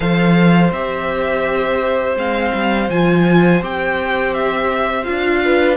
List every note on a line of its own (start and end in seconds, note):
0.00 0.71 F3
0.00 0.71 A4
0.00 5.42 C5
0.00 0.71 F5
0.71 2.15 C4
0.71 2.16 G4
0.71 2.17 E5
2.16 2.52 G#3
2.16 2.88 C4
2.16 2.89 F5
2.53 2.89 G3
2.89 3.61 F3
2.89 3.62 F4
2.89 3.62 G#5
3.61 5.06 C4
3.61 5.04 G4
3.61 4.33 G5
4.33 5.03 E5
5.03 5.76 D4
5.03 5.76 F4
5.03 5.76 F5
5.45 5.76 B4